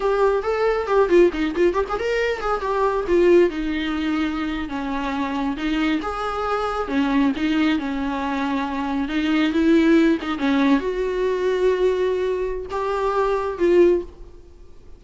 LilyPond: \new Staff \with { instrumentName = "viola" } { \time 4/4 \tempo 4 = 137 g'4 a'4 g'8 f'8 dis'8 f'8 | g'16 gis'16 ais'4 gis'8 g'4 f'4 | dis'2~ dis'8. cis'4~ cis'16~ | cis'8. dis'4 gis'2 cis'16~ |
cis'8. dis'4 cis'2~ cis'16~ | cis'8. dis'4 e'4. dis'8 cis'16~ | cis'8. fis'2.~ fis'16~ | fis'4 g'2 f'4 | }